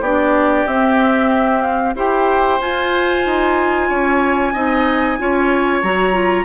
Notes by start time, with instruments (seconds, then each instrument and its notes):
0.00 bassoon B3, clarinet D4, oboe G4, flute D5
0.67 bassoon C4, clarinet C4, flute E5
1.61 flute F5
1.95 bassoon E4, clarinet G4, oboe C5, flute G5
2.60 clarinet F4, bassoon F4, flute G#5
3.25 bassoon D#4
3.89 bassoon C#4, oboe C#5
4.53 bassoon C4, clarinet D#4, oboe D#5
5.18 bassoon C#4, clarinet F4, oboe C#5
5.82 bassoon F#3, clarinet F#4, flute A#5
6.12 clarinet F4